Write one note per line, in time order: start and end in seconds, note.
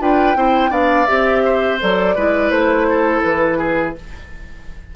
0.00 0.36 D4
0.00 0.36 F4
0.00 0.37 B4
0.00 0.73 G5
0.36 0.70 C4
0.36 0.70 E4
0.36 0.71 C5
0.70 1.06 B3
0.70 1.06 D4
0.70 1.42 D5
0.70 1.06 F5
1.06 1.82 C4
1.06 1.79 G4
1.06 1.78 E5
1.45 2.15 C5
1.80 2.17 F#3
1.80 2.16 A4
1.80 2.50 D5
2.15 2.50 G#3
2.15 3.96 E4
2.15 2.87 B4
2.50 3.22 A3
2.50 3.22 C5
2.90 3.58 A4
3.23 3.96 E3
3.23 3.94 B4
3.58 3.94 G#4